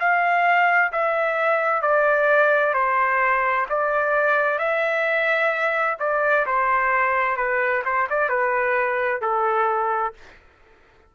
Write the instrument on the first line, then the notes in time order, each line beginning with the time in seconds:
trumpet
0.00 F5
0.92 E5
1.82 D5
2.74 C5
3.69 D5
4.59 E5
6.00 D5
6.46 C5
7.37 B4
7.85 C5
8.10 D5
8.29 B4
9.21 A4